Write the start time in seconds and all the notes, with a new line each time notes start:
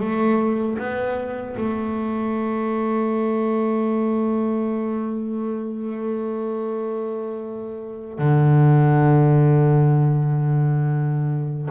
0.00 A3
0.78 B3
1.57 A3
8.19 D3